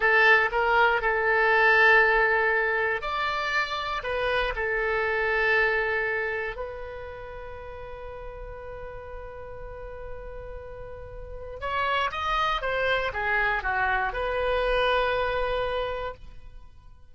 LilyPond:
\new Staff \with { instrumentName = "oboe" } { \time 4/4 \tempo 4 = 119 a'4 ais'4 a'2~ | a'2 d''2 | b'4 a'2.~ | a'4 b'2.~ |
b'1~ | b'2. cis''4 | dis''4 c''4 gis'4 fis'4 | b'1 | }